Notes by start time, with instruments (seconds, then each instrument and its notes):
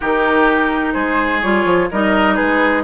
0.00 bassoon D#3, clarinet D#4, oboe G4, flute A#4
0.93 bassoon G#3, oboe G#4, flute C5
1.41 bassoon G3, clarinet F4, flute C#5
1.64 bassoon F3
1.91 bassoon G3, clarinet D#4, oboe A#4, flute D#5
2.35 oboe G#4, flute B4
2.41 bassoon G#3